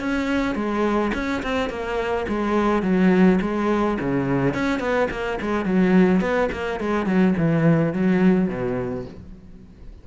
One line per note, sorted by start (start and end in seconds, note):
0.00 0.55 C#4
0.55 1.12 G#3
1.14 1.42 C#4
1.43 1.70 C4
1.70 2.26 A#3
2.28 2.83 G#3
2.83 3.39 F#3
3.41 3.98 G#3
4.00 4.54 C#3
4.54 4.80 C#4
4.80 5.08 B3
5.11 5.39 A#3
5.41 5.65 G#3
5.65 6.21 F#3
6.21 6.49 B3
6.52 6.80 A#3
6.80 7.06 G#3
7.06 7.34 F#3
7.38 7.93 E3
7.93 8.48 F#3
8.48 9.05 B2